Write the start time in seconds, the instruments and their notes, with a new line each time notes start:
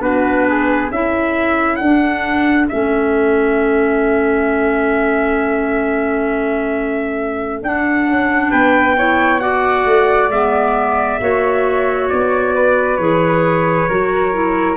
0.00 tuba B3, clarinet D4, flute F#4, trumpet B4
0.48 flute G#4
0.90 tuba C#4, clarinet E4, flute A4, trumpet E5
1.76 tuba D4, trumpet F#5
1.83 clarinet D4
2.69 tuba A3, clarinet C#4, trumpet E5
7.63 tuba D4, clarinet D4, trumpet F#5
8.07 tuba C#4
8.50 tuba B3, flute B4, trumpet G5
8.98 clarinet E4, flute C#5
9.40 clarinet F#4, flute D5, trumpet F#5
9.85 tuba A3
10.29 tuba G#3, clarinet B3, trumpet E5
11.20 tuba A#3, clarinet F#4, flute C#5
12.09 tuba B3, trumpet D5
12.55 flute B4
12.97 tuba E3, clarinet G#4, trumpet C#5
13.89 tuba F#3, clarinet F#4, flute A#4
14.33 clarinet E4